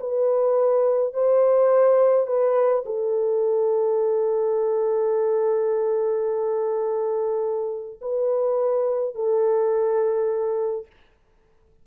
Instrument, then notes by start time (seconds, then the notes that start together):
horn
0.00 B4
1.14 C5
2.27 B4
2.85 A4
8.01 B4
9.15 A4